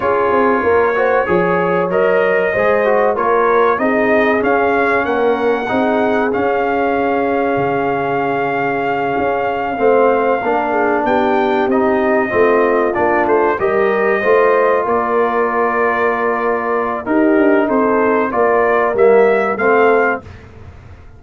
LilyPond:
<<
  \new Staff \with { instrumentName = "trumpet" } { \time 4/4 \tempo 4 = 95 cis''2. dis''4~ | dis''4 cis''4 dis''4 f''4 | fis''2 f''2~ | f''1~ |
f''4. g''4 dis''4.~ | dis''8 d''8 c''8 dis''2 d''8~ | d''2. ais'4 | c''4 d''4 e''4 f''4 | }
  \new Staff \with { instrumentName = "horn" } { \time 4/4 gis'4 ais'8 c''8 cis''2 | c''4 ais'4 gis'2 | ais'4 gis'2.~ | gis'2.~ gis'8 c''8~ |
c''8 ais'8 gis'8 g'2 f'8~ | f'4. ais'4 c''4 ais'8~ | ais'2. g'4 | a'4 ais'2 a'4 | }
  \new Staff \with { instrumentName = "trombone" } { \time 4/4 f'4. fis'8 gis'4 ais'4 | gis'8 fis'8 f'4 dis'4 cis'4~ | cis'4 dis'4 cis'2~ | cis'2.~ cis'8 c'8~ |
c'8 d'2 dis'4 c'8~ | c'8 d'4 g'4 f'4.~ | f'2. dis'4~ | dis'4 f'4 ais4 c'4 | }
  \new Staff \with { instrumentName = "tuba" } { \time 4/4 cis'8 c'8 ais4 f4 fis4 | gis4 ais4 c'4 cis'4 | ais4 c'4 cis'2 | cis2~ cis8 cis'4 a8~ |
a8 ais4 b4 c'4 a8~ | a8 ais8 a8 g4 a4 ais8~ | ais2. dis'8 d'8 | c'4 ais4 g4 a4 | }
>>